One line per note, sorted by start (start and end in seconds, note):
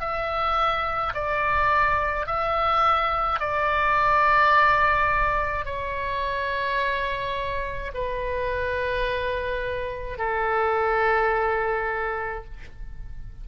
0.00 1.13 E5
1.14 2.26 D5
2.26 3.40 E5
3.40 5.66 D5
5.66 7.92 C#5
7.94 10.18 B4
10.18 12.45 A4